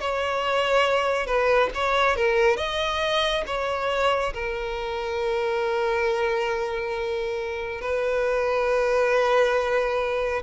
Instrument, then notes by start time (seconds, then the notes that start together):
violin
0.00 C#5
1.26 B4
1.74 C#5
2.16 A#4
2.57 D#5
3.47 C#5
4.34 A#4
7.81 B4